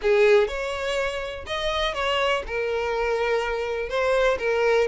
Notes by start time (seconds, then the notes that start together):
0.02 G#4
0.47 C#5
1.46 D#5
1.94 C#5
2.46 A#4
3.89 C5
4.39 A#4